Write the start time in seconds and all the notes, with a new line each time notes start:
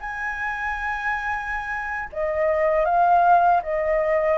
0.00 G#5
2.12 D#5
2.85 F5
3.62 D#5